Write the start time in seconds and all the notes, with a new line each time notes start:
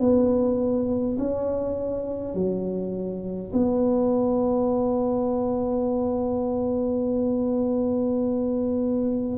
0.00 B3
1.18 C#4
2.35 F#3
3.53 B3